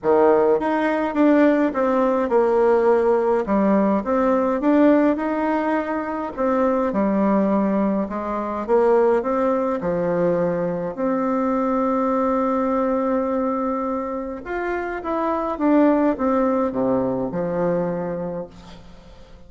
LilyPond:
\new Staff \with { instrumentName = "bassoon" } { \time 4/4 \tempo 4 = 104 dis4 dis'4 d'4 c'4 | ais2 g4 c'4 | d'4 dis'2 c'4 | g2 gis4 ais4 |
c'4 f2 c'4~ | c'1~ | c'4 f'4 e'4 d'4 | c'4 c4 f2 | }